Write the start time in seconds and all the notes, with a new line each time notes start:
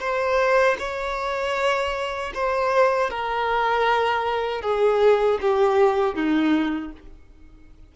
0.00 C5
0.79 C#5
2.35 C5
3.10 A#4
4.62 G#4
5.41 G4
6.15 D#4